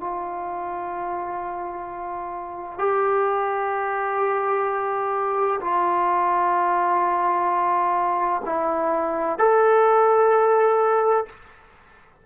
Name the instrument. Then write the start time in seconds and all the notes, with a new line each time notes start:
trombone
0.00 F4
2.79 G4
5.60 F4
8.45 E4
9.38 A4